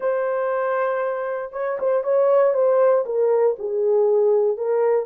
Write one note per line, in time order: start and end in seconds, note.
0.00 1.52 C5
1.52 1.78 C#5
1.79 2.03 C5
2.03 2.54 C#5
2.54 3.05 C5
3.05 3.56 A#4
3.58 4.57 G#4
4.57 5.05 A#4